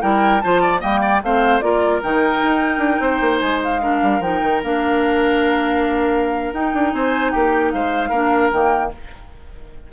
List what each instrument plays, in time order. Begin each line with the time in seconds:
0.00 bassoon G3, clarinet E4, oboe A#4, flute G5
0.41 bassoon F3, clarinet F4, oboe C5, flute A5
0.61 oboe D5
0.78 bassoon G3, clarinet A#3, oboe D#5, flute G5
1.01 oboe D5
1.22 bassoon A3, clarinet C4, oboe C5, flute F5
1.60 bassoon A#3, clarinet F4, oboe A#4, flute D5
2.02 bassoon D#3, clarinet D#4, flute G5
2.42 bassoon D#4
2.78 bassoon D4
3.00 bassoon C4, oboe C5
3.21 bassoon A#3
3.39 bassoon G#3, flute G#5
3.63 flute F5
3.81 clarinet D4, oboe A#4
4.02 bassoon G3
4.19 bassoon F3, clarinet D#4, flute G5
4.41 bassoon D#3
4.63 bassoon A#3, clarinet D4, flute F5
6.52 bassoon D#4, clarinet D#4, flute G5
6.73 bassoon D4
6.92 bassoon C4, oboe C5, flute G#5
7.30 bassoon A#3, oboe G4, flute G5
7.71 bassoon G#3, oboe C5, flute F5
8.09 bassoon A#3, clarinet D4, oboe A#4
8.52 bassoon D#3, clarinet A#3, flute G5